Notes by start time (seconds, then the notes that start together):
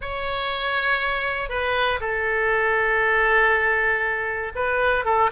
0.01 C#5
1.49 B4
2.00 A4
4.55 B4
5.04 A4